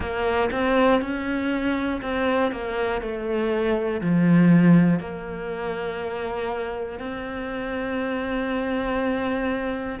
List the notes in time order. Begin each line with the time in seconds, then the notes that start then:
0.00 A#3
0.51 C4
1.01 C#4
2.01 C4
2.51 A#3
3.01 A3
4.00 F3
4.99 A#3
6.99 C4